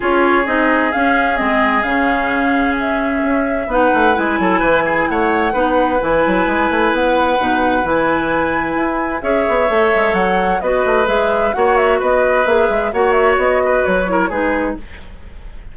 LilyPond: <<
  \new Staff \with { instrumentName = "flute" } { \time 4/4 \tempo 4 = 130 cis''4 dis''4 f''4 dis''4 | f''2 e''2 | fis''4 gis''2 fis''4~ | fis''4 gis''2 fis''4~ |
fis''4 gis''2. | e''2 fis''4 dis''4 | e''4 fis''8 e''8 dis''4 e''4 | fis''8 e''8 dis''4 cis''4 b'4 | }
  \new Staff \with { instrumentName = "oboe" } { \time 4/4 gis'1~ | gis'1 | b'4. a'8 b'8 gis'8 cis''4 | b'1~ |
b'1 | cis''2. b'4~ | b'4 cis''4 b'2 | cis''4. b'4 ais'8 gis'4 | }
  \new Staff \with { instrumentName = "clarinet" } { \time 4/4 f'4 dis'4 cis'4 c'4 | cis'1 | dis'4 e'2. | dis'4 e'2. |
dis'4 e'2. | gis'4 a'2 fis'4 | gis'4 fis'2 gis'4 | fis'2~ fis'8 e'8 dis'4 | }
  \new Staff \with { instrumentName = "bassoon" } { \time 4/4 cis'4 c'4 cis'4 gis4 | cis2. cis'4 | b8 a8 gis8 fis8 e4 a4 | b4 e8 fis8 gis8 a8 b4 |
b,4 e2 e'4 | cis'8 b8 a8 gis8 fis4 b8 a8 | gis4 ais4 b4 ais8 gis8 | ais4 b4 fis4 gis4 | }
>>